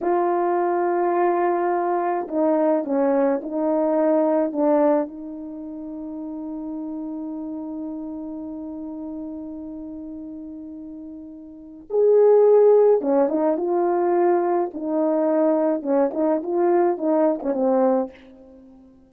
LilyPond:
\new Staff \with { instrumentName = "horn" } { \time 4/4 \tempo 4 = 106 f'1 | dis'4 cis'4 dis'2 | d'4 dis'2.~ | dis'1~ |
dis'1~ | dis'4 gis'2 cis'8 dis'8 | f'2 dis'2 | cis'8 dis'8 f'4 dis'8. cis'16 c'4 | }